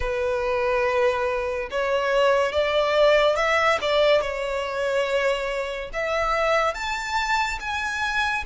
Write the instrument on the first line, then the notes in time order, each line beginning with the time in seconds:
violin
0.00 B4
1.70 C#5
2.52 D5
3.36 E5
3.81 D5
4.21 C#5
5.93 E5
6.74 A5
7.60 G#5